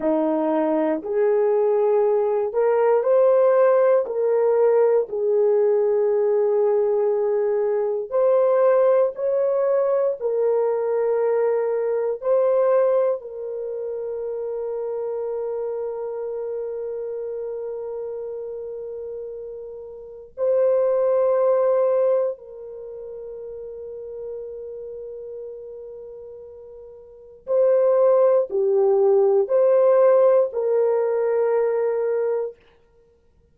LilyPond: \new Staff \with { instrumentName = "horn" } { \time 4/4 \tempo 4 = 59 dis'4 gis'4. ais'8 c''4 | ais'4 gis'2. | c''4 cis''4 ais'2 | c''4 ais'2.~ |
ais'1 | c''2 ais'2~ | ais'2. c''4 | g'4 c''4 ais'2 | }